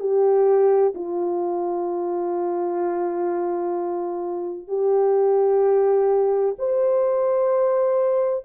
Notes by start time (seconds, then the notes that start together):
0.00 G4
0.95 F4
4.68 G4
6.59 C5